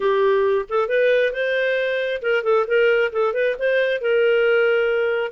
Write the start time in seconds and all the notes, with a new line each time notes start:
0.00 G4
0.69 A4
0.88 B4
1.32 C5
2.22 A#4
2.43 A4
2.67 A#4
3.12 A4
3.33 B4
3.58 C5
4.01 A#4